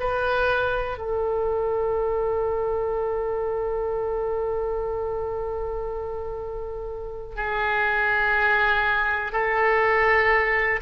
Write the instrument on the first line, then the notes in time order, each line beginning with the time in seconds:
oboe
0.00 B4
0.98 A4
7.36 G#4
9.32 A4